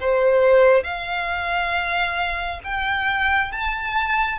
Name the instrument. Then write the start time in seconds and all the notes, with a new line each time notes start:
violin
0.00 C5
0.83 F5
2.64 G5
3.52 A5